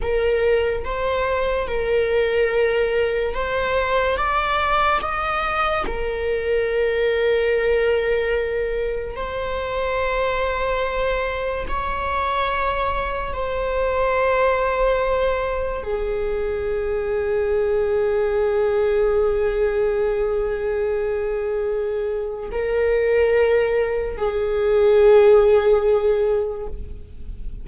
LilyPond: \new Staff \with { instrumentName = "viola" } { \time 4/4 \tempo 4 = 72 ais'4 c''4 ais'2 | c''4 d''4 dis''4 ais'4~ | ais'2. c''4~ | c''2 cis''2 |
c''2. gis'4~ | gis'1~ | gis'2. ais'4~ | ais'4 gis'2. | }